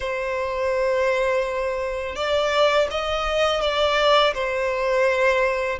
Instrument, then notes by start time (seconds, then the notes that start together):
violin
0.00 C5
2.15 D5
2.90 D#5
3.61 D5
4.34 C5